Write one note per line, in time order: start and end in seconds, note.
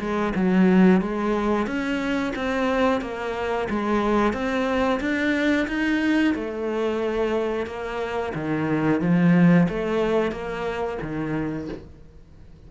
0.00 0.33 G#3
0.35 1.01 F#3
1.01 1.67 G#3
1.67 2.33 C#4
2.36 3.02 C4
3.02 3.68 A#3
3.70 4.33 G#3
4.33 5.00 C4
5.01 5.67 D4
5.68 6.35 D#4
6.35 7.66 A3
7.66 8.33 A#3
8.35 9.01 D#3
9.01 9.68 F3
9.69 10.32 A3
10.32 10.98 A#3
11.02 11.69 D#3